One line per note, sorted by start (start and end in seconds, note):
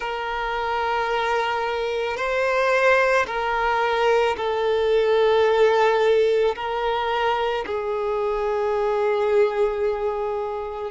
0.00 2.16 A#4
2.17 3.26 C5
3.26 4.35 A#4
4.36 6.55 A4
6.55 7.64 A#4
7.66 10.91 G#4